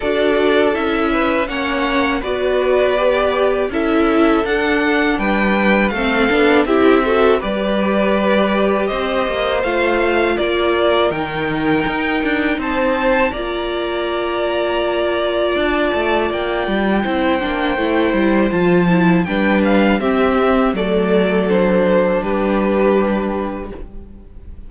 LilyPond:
<<
  \new Staff \with { instrumentName = "violin" } { \time 4/4 \tempo 4 = 81 d''4 e''4 fis''4 d''4~ | d''4 e''4 fis''4 g''4 | f''4 e''4 d''2 | dis''4 f''4 d''4 g''4~ |
g''4 a''4 ais''2~ | ais''4 a''4 g''2~ | g''4 a''4 g''8 f''8 e''4 | d''4 c''4 b'2 | }
  \new Staff \with { instrumentName = "violin" } { \time 4/4 a'4. b'8 cis''4 b'4~ | b'4 a'2 b'4 | a'4 g'8 a'8 b'2 | c''2 ais'2~ |
ais'4 c''4 d''2~ | d''2. c''4~ | c''2 b'4 g'4 | a'2 g'2 | }
  \new Staff \with { instrumentName = "viola" } { \time 4/4 fis'4 e'4 cis'4 fis'4 | g'4 e'4 d'2 | c'8 d'8 e'8 fis'8 g'2~ | g'4 f'2 dis'4~ |
dis'2 f'2~ | f'2. e'8 d'8 | e'4 f'8 e'8 d'4 c'4 | a4 d'2. | }
  \new Staff \with { instrumentName = "cello" } { \time 4/4 d'4 cis'4 ais4 b4~ | b4 cis'4 d'4 g4 | a8 b8 c'4 g2 | c'8 ais8 a4 ais4 dis4 |
dis'8 d'8 c'4 ais2~ | ais4 d'8 a8 ais8 g8 c'8 ais8 | a8 g8 f4 g4 c'4 | fis2 g2 | }
>>